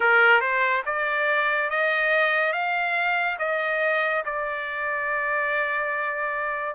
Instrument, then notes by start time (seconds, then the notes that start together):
trumpet
0.00 A#4
0.40 C5
0.85 D5
1.69 D#5
2.52 F5
3.38 D#5
4.25 D5